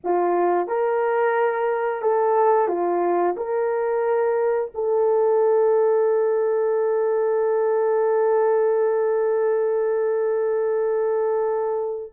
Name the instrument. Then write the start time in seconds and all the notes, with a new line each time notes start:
horn
0.03 F4
0.67 A#4
2.01 A4
2.68 F4
3.36 A#4
4.74 A4